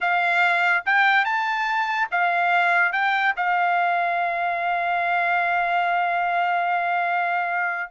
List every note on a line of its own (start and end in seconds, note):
0.00 0.84 F5
0.85 1.24 G5
1.24 2.08 A5
2.11 2.92 F5
2.92 3.34 G5
3.36 7.90 F5